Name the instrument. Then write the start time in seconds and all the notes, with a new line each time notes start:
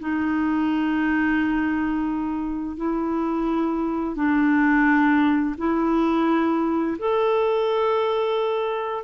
clarinet
0.00 D#4
2.77 E4
4.16 D4
5.58 E4
6.99 A4